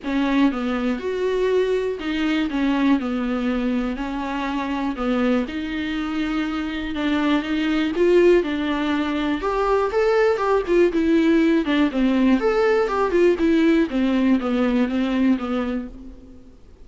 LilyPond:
\new Staff \with { instrumentName = "viola" } { \time 4/4 \tempo 4 = 121 cis'4 b4 fis'2 | dis'4 cis'4 b2 | cis'2 b4 dis'4~ | dis'2 d'4 dis'4 |
f'4 d'2 g'4 | a'4 g'8 f'8 e'4. d'8 | c'4 a'4 g'8 f'8 e'4 | c'4 b4 c'4 b4 | }